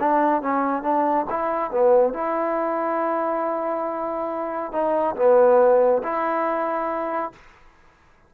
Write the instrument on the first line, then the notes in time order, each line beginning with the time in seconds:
trombone
0.00 D4
0.42 C#4
0.83 D4
1.30 E4
1.71 B3
2.13 E4
4.72 D#4
5.16 B3
6.03 E4